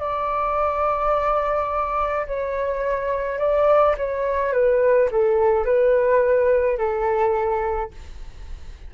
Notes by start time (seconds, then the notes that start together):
0.00 D5
2.27 C#5
3.39 D5
3.98 C#5
4.53 B4
5.11 A4
5.66 B4
6.78 A4